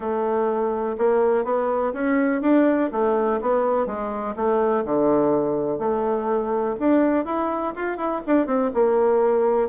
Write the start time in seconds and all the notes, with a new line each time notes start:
0.00 A3
0.98 A#3
1.44 B3
1.93 C#4
2.41 D4
2.92 A3
3.41 B3
3.86 G#3
4.35 A3
4.84 D3
5.78 A3
6.79 D4
7.25 E4
7.75 F4
7.97 E4
8.26 D4
8.46 C4
8.73 A#3